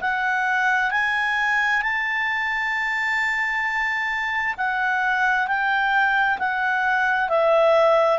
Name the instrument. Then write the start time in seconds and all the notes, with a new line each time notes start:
clarinet
0.00 F#5
0.91 G#5
1.82 A5
4.57 F#5
5.47 G5
6.38 F#5
7.29 E5